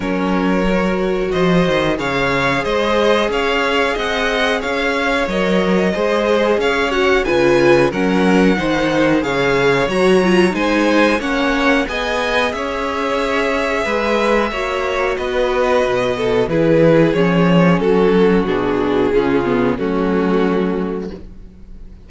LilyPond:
<<
  \new Staff \with { instrumentName = "violin" } { \time 4/4 \tempo 4 = 91 cis''2 dis''4 f''4 | dis''4 f''4 fis''4 f''4 | dis''2 f''8 fis''8 gis''4 | fis''2 f''4 ais''4 |
gis''4 fis''4 gis''4 e''4~ | e''2. dis''4~ | dis''4 b'4 cis''4 a'4 | gis'2 fis'2 | }
  \new Staff \with { instrumentName = "violin" } { \time 4/4 ais'2 c''4 cis''4 | c''4 cis''4 dis''4 cis''4~ | cis''4 c''4 cis''4 b'4 | ais'4 c''4 cis''2 |
c''4 cis''4 dis''4 cis''4~ | cis''4 b'4 cis''4 b'4~ | b'8 a'8 gis'2 fis'4~ | fis'4 f'4 cis'2 | }
  \new Staff \with { instrumentName = "viola" } { \time 4/4 cis'4 fis'2 gis'4~ | gis'1 | ais'4 gis'4. fis'8 f'4 | cis'4 dis'4 gis'4 fis'8 f'8 |
dis'4 cis'4 gis'2~ | gis'2 fis'2~ | fis'4 e'4 cis'2 | d'4 cis'8 b8 a2 | }
  \new Staff \with { instrumentName = "cello" } { \time 4/4 fis2 f8 dis8 cis4 | gis4 cis'4 c'4 cis'4 | fis4 gis4 cis'4 cis4 | fis4 dis4 cis4 fis4 |
gis4 ais4 b4 cis'4~ | cis'4 gis4 ais4 b4 | b,4 e4 f4 fis4 | b,4 cis4 fis2 | }
>>